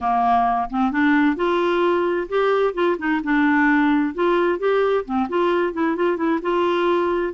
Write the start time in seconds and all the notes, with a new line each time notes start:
0.00 A#3
0.70 C4
0.91 D4
1.36 F4
2.28 G4
2.74 F4
2.98 D#4
3.23 D4
4.14 F4
4.58 G4
5.05 C4
5.29 F4
5.73 E4
5.95 F4
6.16 E4
6.41 F4